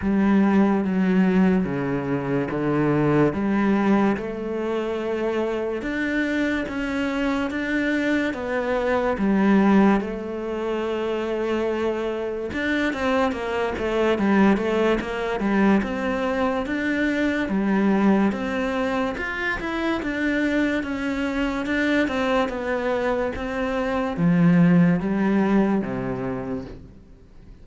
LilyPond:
\new Staff \with { instrumentName = "cello" } { \time 4/4 \tempo 4 = 72 g4 fis4 cis4 d4 | g4 a2 d'4 | cis'4 d'4 b4 g4 | a2. d'8 c'8 |
ais8 a8 g8 a8 ais8 g8 c'4 | d'4 g4 c'4 f'8 e'8 | d'4 cis'4 d'8 c'8 b4 | c'4 f4 g4 c4 | }